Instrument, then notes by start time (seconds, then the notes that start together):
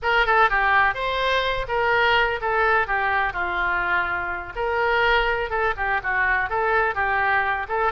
oboe
0.02 A#4
0.26 A4
0.49 G4
0.94 C5
1.68 A#4
2.41 A4
2.87 G4
3.33 F4
4.55 A#4
5.50 A4
5.76 G4
6.03 F#4
6.49 A4
6.94 G4
7.68 A4